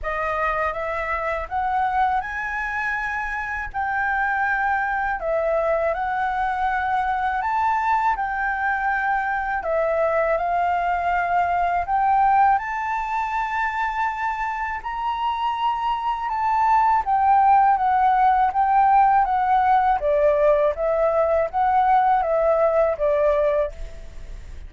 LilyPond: \new Staff \with { instrumentName = "flute" } { \time 4/4 \tempo 4 = 81 dis''4 e''4 fis''4 gis''4~ | gis''4 g''2 e''4 | fis''2 a''4 g''4~ | g''4 e''4 f''2 |
g''4 a''2. | ais''2 a''4 g''4 | fis''4 g''4 fis''4 d''4 | e''4 fis''4 e''4 d''4 | }